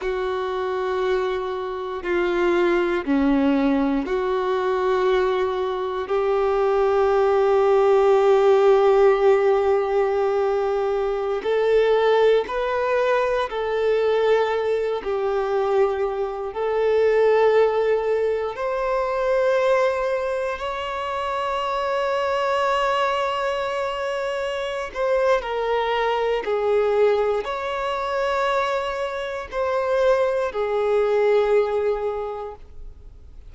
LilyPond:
\new Staff \with { instrumentName = "violin" } { \time 4/4 \tempo 4 = 59 fis'2 f'4 cis'4 | fis'2 g'2~ | g'2.~ g'16 a'8.~ | a'16 b'4 a'4. g'4~ g'16~ |
g'16 a'2 c''4.~ c''16~ | c''16 cis''2.~ cis''8.~ | cis''8 c''8 ais'4 gis'4 cis''4~ | cis''4 c''4 gis'2 | }